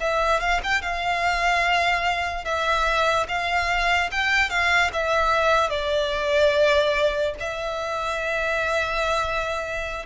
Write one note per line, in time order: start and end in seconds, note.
0.00 0.40 E5
0.40 0.61 F5
0.64 0.82 G5
0.82 2.45 F5
2.45 3.27 E5
3.28 4.10 F5
4.11 4.50 G5
4.50 4.91 F5
4.93 5.70 E5
5.70 7.34 D5
7.40 10.06 E5